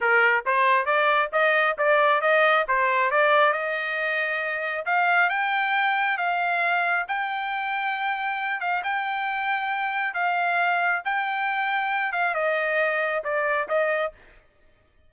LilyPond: \new Staff \with { instrumentName = "trumpet" } { \time 4/4 \tempo 4 = 136 ais'4 c''4 d''4 dis''4 | d''4 dis''4 c''4 d''4 | dis''2. f''4 | g''2 f''2 |
g''2.~ g''8 f''8 | g''2. f''4~ | f''4 g''2~ g''8 f''8 | dis''2 d''4 dis''4 | }